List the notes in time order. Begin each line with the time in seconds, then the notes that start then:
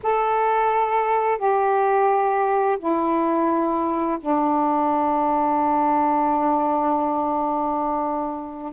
0.02 A4
1.38 G4
2.78 E4
4.20 D4